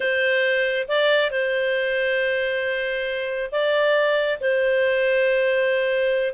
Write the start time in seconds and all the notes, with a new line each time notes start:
0.00 C5
0.88 D5
1.30 C5
3.51 D5
4.40 C5